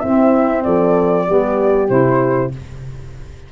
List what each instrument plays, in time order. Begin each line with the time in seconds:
0.00 tuba C4, saxophone C4, horn E4, flute E5
0.63 tuba F3, horn A4, flute D5
1.27 tuba G3, saxophone B3, horn G4
1.89 tuba C3, saxophone E4, flute C5